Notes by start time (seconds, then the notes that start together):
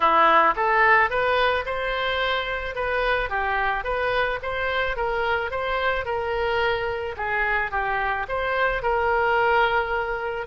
0.00 E4
0.56 A4
1.09 B4
1.65 C5
2.75 B4
3.29 G4
3.84 B4
4.42 C5
4.96 A#4
5.50 C5
6.05 A#4
7.17 G#4
7.71 G4
8.28 C5
8.82 A#4